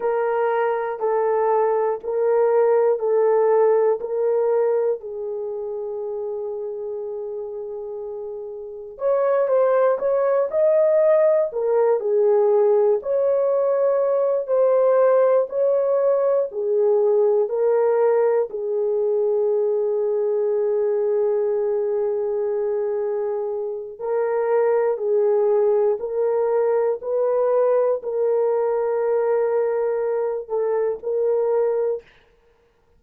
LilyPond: \new Staff \with { instrumentName = "horn" } { \time 4/4 \tempo 4 = 60 ais'4 a'4 ais'4 a'4 | ais'4 gis'2.~ | gis'4 cis''8 c''8 cis''8 dis''4 ais'8 | gis'4 cis''4. c''4 cis''8~ |
cis''8 gis'4 ais'4 gis'4.~ | gis'1 | ais'4 gis'4 ais'4 b'4 | ais'2~ ais'8 a'8 ais'4 | }